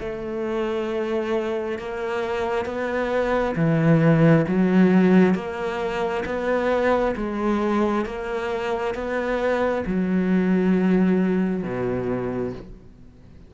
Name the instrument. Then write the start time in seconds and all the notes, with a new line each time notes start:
cello
0.00 A3
1.79 A#3
2.66 B3
3.56 E3
4.48 F#3
5.34 A#3
6.26 B3
7.16 G#3
8.06 A#3
8.95 B3
9.86 F#3
11.64 B2